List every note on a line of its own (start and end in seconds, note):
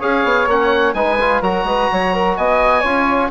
0.00 0.24 C#4
0.00 0.48 G#4
0.00 0.94 C#5
0.00 0.49 F5
0.24 0.47 B3
0.47 0.94 A#3
0.47 0.94 C#4
0.47 0.94 F#5
0.94 1.41 G#3
0.94 1.18 D#4
0.94 1.42 B4
0.94 1.41 G#5
1.21 1.43 F4
1.41 1.64 F#3
1.41 2.84 F#4
1.41 1.65 A#4
1.41 2.37 A#5
1.64 1.88 G#3
1.64 1.90 B4
1.92 2.37 F#3
1.92 2.13 C#5
2.13 2.37 A#4
2.37 2.83 B3
2.37 2.81 D#5
2.37 3.31 G#5
2.81 3.31 C#4
2.81 3.31 F4
2.81 3.28 C#5